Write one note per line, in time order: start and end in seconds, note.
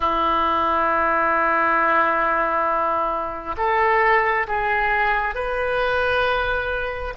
0.00 3.55 E4
3.57 4.46 A4
4.47 5.34 G#4
5.34 7.14 B4